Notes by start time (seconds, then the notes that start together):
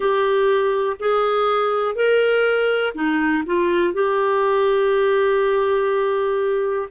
0.00 G4
0.99 G#4
1.95 A#4
2.94 D#4
3.46 F4
3.93 G4